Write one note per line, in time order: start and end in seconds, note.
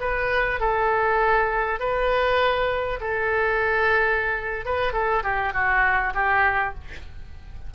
0.00 0.60 B4
0.60 1.80 A4
1.80 3.00 B4
3.01 4.65 A4
4.65 4.93 B4
4.93 5.23 A4
5.23 5.53 G4
5.53 6.13 F#4
6.14 6.74 G4